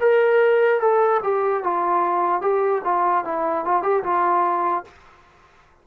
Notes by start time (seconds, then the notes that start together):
0.00 A#4
0.80 A4
1.23 G4
1.63 F4
2.41 G4
2.84 F4
3.24 E4
3.64 F4
3.83 G4
4.03 F4